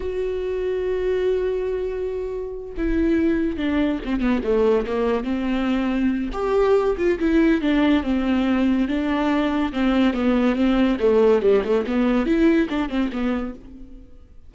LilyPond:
\new Staff \with { instrumentName = "viola" } { \time 4/4 \tempo 4 = 142 fis'1~ | fis'2~ fis'8 e'4.~ | e'8 d'4 c'8 b8 a4 ais8~ | ais8 c'2~ c'8 g'4~ |
g'8 f'8 e'4 d'4 c'4~ | c'4 d'2 c'4 | b4 c'4 a4 g8 a8 | b4 e'4 d'8 c'8 b4 | }